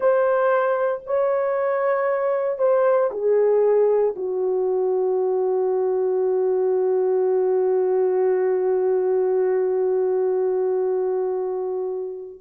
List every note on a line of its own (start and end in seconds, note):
0.00 1.01 C5
1.06 2.58 C#5
2.58 3.10 C5
3.11 4.14 G#4
4.16 12.40 F#4